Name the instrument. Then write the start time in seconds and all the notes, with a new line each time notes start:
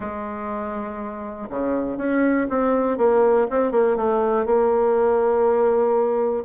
bassoon
0.00 G#3
1.49 C#3
1.97 C#4
2.49 C4
2.97 A#3
3.50 C4
3.71 A#3
3.96 A3
4.45 A#3